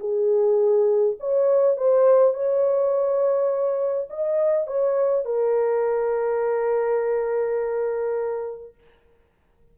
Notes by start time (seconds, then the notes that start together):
0.00 G#4
1.20 C#5
1.77 C5
2.34 C#5
4.10 D#5
4.67 C#5
5.25 A#4